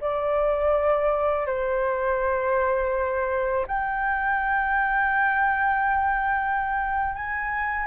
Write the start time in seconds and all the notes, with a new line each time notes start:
0.00 D5
1.46 C5
3.67 G5
7.15 G#5